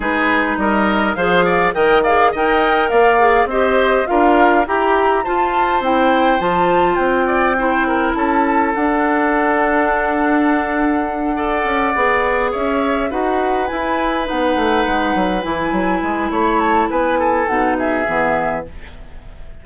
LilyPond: <<
  \new Staff \with { instrumentName = "flute" } { \time 4/4 \tempo 4 = 103 b'4 dis''4 f''4 g''8 f''8 | g''4 f''4 dis''4 f''4 | ais''4 a''4 g''4 a''4 | g''2 a''4 fis''4~ |
fis''1~ | fis''4. e''4 fis''4 gis''8~ | gis''8 fis''2 gis''4. | b''8 a''8 gis''4 fis''8 e''4. | }
  \new Staff \with { instrumentName = "oboe" } { \time 4/4 gis'4 ais'4 c''8 d''8 dis''8 d''8 | dis''4 d''4 c''4 ais'4 | g'4 c''2.~ | c''8 d''8 c''8 ais'8 a'2~ |
a'2.~ a'8 d''8~ | d''4. cis''4 b'4.~ | b'1 | cis''4 b'8 a'4 gis'4. | }
  \new Staff \with { instrumentName = "clarinet" } { \time 4/4 dis'2 gis'4 ais'8 gis'8 | ais'4. gis'8 g'4 f'4 | g'4 f'4 e'4 f'4~ | f'4 e'2 d'4~ |
d'2.~ d'8 a'8~ | a'8 gis'2 fis'4 e'8~ | e'8 dis'2 e'4.~ | e'2 dis'4 b4 | }
  \new Staff \with { instrumentName = "bassoon" } { \time 4/4 gis4 g4 f4 dis4 | dis'4 ais4 c'4 d'4 | e'4 f'4 c'4 f4 | c'2 cis'4 d'4~ |
d'1 | cis'8 b4 cis'4 dis'4 e'8~ | e'8 b8 a8 gis8 fis8 e8 fis8 gis8 | a4 b4 b,4 e4 | }
>>